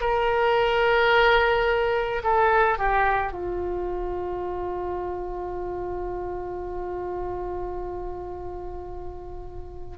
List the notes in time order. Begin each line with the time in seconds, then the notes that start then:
0.00 A#4
2.23 A4
2.78 G4
3.32 F4